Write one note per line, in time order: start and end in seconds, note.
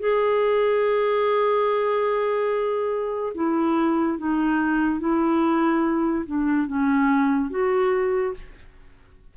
0.00 3.33 G#4
3.35 4.19 E4
4.19 5.00 D#4
5.00 6.25 E4
6.26 6.67 D4
6.67 7.51 C#4
7.51 8.34 F#4